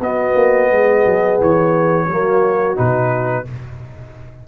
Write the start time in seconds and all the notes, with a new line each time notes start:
0.00 B3 F#4 D#5
0.36 A#3
0.70 G#3 G#4
1.06 F#3
1.41 E3 C#5
2.06 F#3 A#3 F#4
2.76 B2 D#4 B4